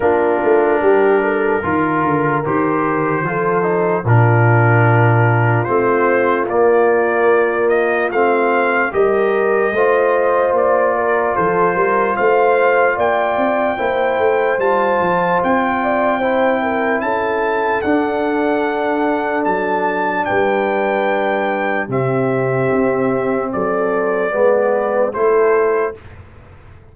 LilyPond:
<<
  \new Staff \with { instrumentName = "trumpet" } { \time 4/4 \tempo 4 = 74 ais'2. c''4~ | c''4 ais'2 c''4 | d''4. dis''8 f''4 dis''4~ | dis''4 d''4 c''4 f''4 |
g''2 a''4 g''4~ | g''4 a''4 fis''2 | a''4 g''2 e''4~ | e''4 d''2 c''4 | }
  \new Staff \with { instrumentName = "horn" } { \time 4/4 f'4 g'8 a'8 ais'2 | a'4 f'2.~ | f'2. ais'4 | c''4. ais'8 a'8 ais'8 c''4 |
d''4 c''2~ c''8 d''8 | c''8 ais'8 a'2.~ | a'4 b'2 g'4~ | g'4 a'4 b'4 a'4 | }
  \new Staff \with { instrumentName = "trombone" } { \time 4/4 d'2 f'4 g'4 | f'8 dis'8 d'2 c'4 | ais2 c'4 g'4 | f'1~ |
f'4 e'4 f'2 | e'2 d'2~ | d'2. c'4~ | c'2 b4 e'4 | }
  \new Staff \with { instrumentName = "tuba" } { \time 4/4 ais8 a8 g4 dis8 d8 dis4 | f4 ais,2 a4 | ais2 a4 g4 | a4 ais4 f8 g8 a4 |
ais8 c'8 ais8 a8 g8 f8 c'4~ | c'4 cis'4 d'2 | fis4 g2 c4 | c'4 fis4 gis4 a4 | }
>>